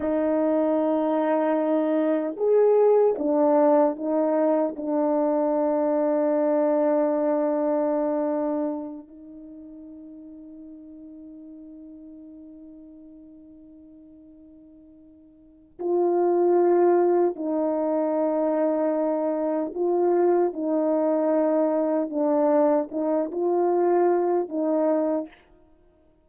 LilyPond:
\new Staff \with { instrumentName = "horn" } { \time 4/4 \tempo 4 = 76 dis'2. gis'4 | d'4 dis'4 d'2~ | d'2.~ d'8 dis'8~ | dis'1~ |
dis'1 | f'2 dis'2~ | dis'4 f'4 dis'2 | d'4 dis'8 f'4. dis'4 | }